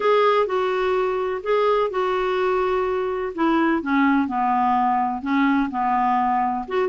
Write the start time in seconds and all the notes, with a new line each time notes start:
0.00 G#4
0.46 F#4
1.43 G#4
1.90 F#4
3.34 E4
3.82 C#4
4.27 B3
5.21 C#4
5.70 B3
6.68 F#4